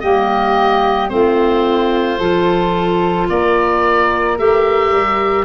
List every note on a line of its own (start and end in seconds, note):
0.00 1.10 G3
0.00 1.09 A#3
0.00 1.11 G4
0.00 1.09 D#5
1.09 2.19 A3
1.09 2.18 C4
1.09 2.18 F4
1.09 3.27 C5
2.18 3.28 F3
2.18 4.38 F4
2.18 3.27 A4
3.29 4.38 A#3
3.29 5.45 A#4
3.29 4.38 D5
4.38 4.92 A3
4.38 5.45 G4
4.38 5.45 E5
4.92 5.45 G3